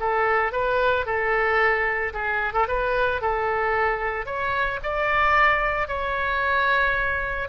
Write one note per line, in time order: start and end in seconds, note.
0.00 0.53 A4
0.53 1.06 B4
1.06 2.13 A4
2.14 2.54 G#4
2.54 2.67 A4
2.68 3.21 B4
3.22 4.26 A4
4.26 4.79 C#5
4.83 5.88 D5
5.88 7.49 C#5